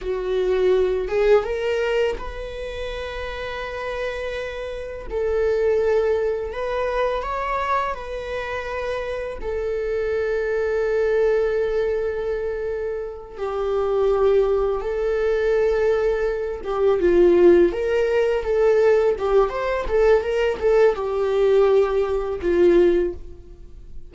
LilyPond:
\new Staff \with { instrumentName = "viola" } { \time 4/4 \tempo 4 = 83 fis'4. gis'8 ais'4 b'4~ | b'2. a'4~ | a'4 b'4 cis''4 b'4~ | b'4 a'2.~ |
a'2~ a'8 g'4.~ | g'8 a'2~ a'8 g'8 f'8~ | f'8 ais'4 a'4 g'8 c''8 a'8 | ais'8 a'8 g'2 f'4 | }